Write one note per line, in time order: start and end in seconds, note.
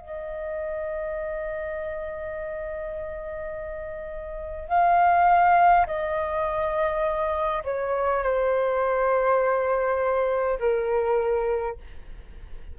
0.00 4.69 D#5
4.69 5.87 F5
5.87 7.64 D#5
7.65 8.24 C#5
8.24 10.59 C5
10.59 11.77 A#4